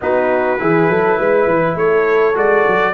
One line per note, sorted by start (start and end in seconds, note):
0.01 0.60 B3
0.01 0.58 D#4
0.01 0.60 F#4
0.01 1.77 B4
0.58 0.89 E3
0.58 2.34 E4
0.58 0.90 G#4
0.89 1.18 F#3
0.89 1.17 A4
1.17 1.47 G#3
1.17 1.76 B4
1.47 1.74 E3
1.74 2.33 A3
1.74 2.94 A4
1.74 2.36 C#5
2.34 2.65 G#3
2.34 2.93 F#4
2.34 2.94 D5
2.67 2.94 F#3